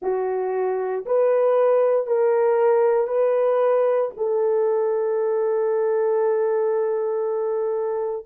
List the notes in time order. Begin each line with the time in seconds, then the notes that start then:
0.01 F#4
1.05 B4
2.06 A#4
3.07 B4
4.17 A4